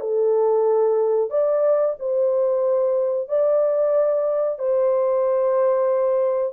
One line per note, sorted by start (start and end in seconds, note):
0.00 1.30 A4
1.30 1.95 D5
1.99 3.28 C5
3.28 4.58 D5
4.59 6.53 C5